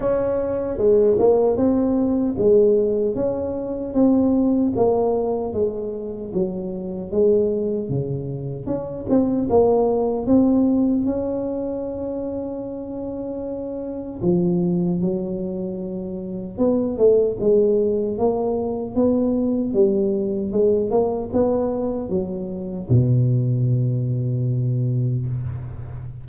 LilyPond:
\new Staff \with { instrumentName = "tuba" } { \time 4/4 \tempo 4 = 76 cis'4 gis8 ais8 c'4 gis4 | cis'4 c'4 ais4 gis4 | fis4 gis4 cis4 cis'8 c'8 | ais4 c'4 cis'2~ |
cis'2 f4 fis4~ | fis4 b8 a8 gis4 ais4 | b4 g4 gis8 ais8 b4 | fis4 b,2. | }